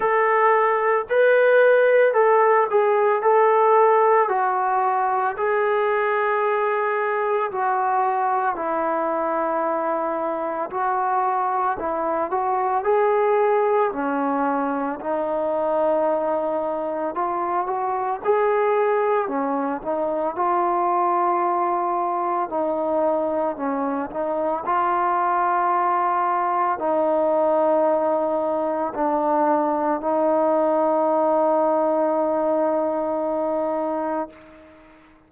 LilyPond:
\new Staff \with { instrumentName = "trombone" } { \time 4/4 \tempo 4 = 56 a'4 b'4 a'8 gis'8 a'4 | fis'4 gis'2 fis'4 | e'2 fis'4 e'8 fis'8 | gis'4 cis'4 dis'2 |
f'8 fis'8 gis'4 cis'8 dis'8 f'4~ | f'4 dis'4 cis'8 dis'8 f'4~ | f'4 dis'2 d'4 | dis'1 | }